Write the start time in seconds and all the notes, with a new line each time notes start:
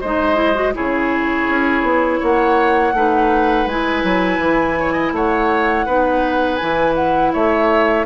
0.00 G#3 D#4 C5 D#5
0.35 E4
0.54 F#4
0.73 C#3 E4 G#4 C#5
1.48 C#4
1.82 B3
2.20 A#3 C#5 F#5
2.93 A3 D#4 B4
3.66 G#3 E4 G#5
4.03 F#3
4.38 E3
4.79 C#5
4.92 D#5
5.12 A3 C#5 F#5
5.86 B3 D#4 B4
6.56 E3 E4 G#5
6.95 F#5
7.33 A3 C#5 E5